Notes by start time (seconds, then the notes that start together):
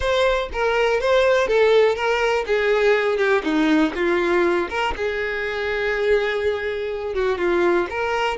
0.00 C5
0.52 A#4
1.00 C5
1.47 A4
1.95 A#4
2.46 G#4
3.17 G4
3.43 D#4
3.95 F4
4.69 A#4
4.96 G#4
7.14 F#4
7.38 F4
7.89 A#4